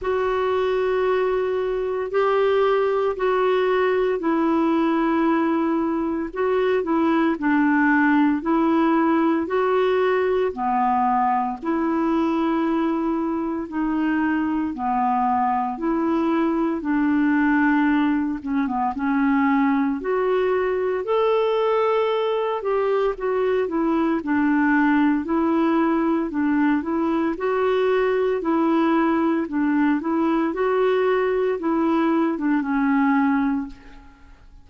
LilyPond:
\new Staff \with { instrumentName = "clarinet" } { \time 4/4 \tempo 4 = 57 fis'2 g'4 fis'4 | e'2 fis'8 e'8 d'4 | e'4 fis'4 b4 e'4~ | e'4 dis'4 b4 e'4 |
d'4. cis'16 b16 cis'4 fis'4 | a'4. g'8 fis'8 e'8 d'4 | e'4 d'8 e'8 fis'4 e'4 | d'8 e'8 fis'4 e'8. d'16 cis'4 | }